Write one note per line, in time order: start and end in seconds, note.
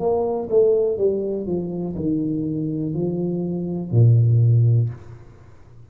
0.00 0.49 A#3
0.50 0.98 A3
0.98 1.47 G3
1.47 1.96 F3
1.96 2.94 D#3
2.94 3.92 F3
3.92 4.90 A#2